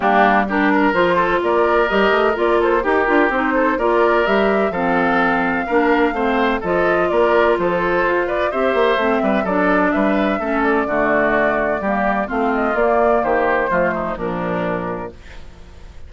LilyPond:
<<
  \new Staff \with { instrumentName = "flute" } { \time 4/4 \tempo 4 = 127 g'4 ais'4 c''4 d''4 | dis''4 d''8 c''8 ais'4 c''4 | d''4 e''4 f''2~ | f''2 dis''4 d''4 |
c''4. d''8 e''2 | d''4 e''4. d''4.~ | d''2 f''8 dis''8 d''4 | c''2 ais'2 | }
  \new Staff \with { instrumentName = "oboe" } { \time 4/4 d'4 g'8 ais'4 a'8 ais'4~ | ais'4. a'8 g'4. a'8 | ais'2 a'2 | ais'4 c''4 a'4 ais'4 |
a'4. b'8 c''4. b'8 | a'4 b'4 a'4 fis'4~ | fis'4 g'4 f'2 | g'4 f'8 dis'8 d'2 | }
  \new Staff \with { instrumentName = "clarinet" } { \time 4/4 ais4 d'4 f'2 | g'4 f'4 g'8 f'8 dis'4 | f'4 g'4 c'2 | d'4 c'4 f'2~ |
f'2 g'4 c'4 | d'2 cis'4 a4~ | a4 ais4 c'4 ais4~ | ais4 a4 f2 | }
  \new Staff \with { instrumentName = "bassoon" } { \time 4/4 g2 f4 ais4 | g8 a8 ais4 dis'8 d'8 c'4 | ais4 g4 f2 | ais4 a4 f4 ais4 |
f4 f'4 c'8 ais8 a8 g8 | fis4 g4 a4 d4~ | d4 g4 a4 ais4 | dis4 f4 ais,2 | }
>>